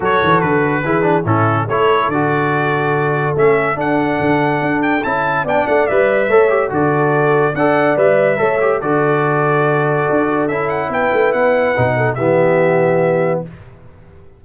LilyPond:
<<
  \new Staff \with { instrumentName = "trumpet" } { \time 4/4 \tempo 4 = 143 cis''4 b'2 a'4 | cis''4 d''2. | e''4 fis''2~ fis''8 g''8 | a''4 g''8 fis''8 e''2 |
d''2 fis''4 e''4~ | e''4 d''2.~ | d''4 e''8 fis''8 g''4 fis''4~ | fis''4 e''2. | }
  \new Staff \with { instrumentName = "horn" } { \time 4/4 a'2 gis'4 e'4 | a'1~ | a'1~ | a'4 d''2 cis''4 |
a'2 d''2 | cis''4 a'2.~ | a'2 b'2~ | b'8 a'8 g'2. | }
  \new Staff \with { instrumentName = "trombone" } { \time 4/4 fis'2 e'8 d'8 cis'4 | e'4 fis'2. | cis'4 d'2. | e'4 d'4 b'4 a'8 g'8 |
fis'2 a'4 b'4 | a'8 g'8 fis'2.~ | fis'4 e'2. | dis'4 b2. | }
  \new Staff \with { instrumentName = "tuba" } { \time 4/4 fis8 e8 d4 e4 a,4 | a4 d2. | a4 d'4 d4 d'4 | cis'4 b8 a8 g4 a4 |
d2 d'4 g4 | a4 d2. | d'4 cis'4 b8 a8 b4 | b,4 e2. | }
>>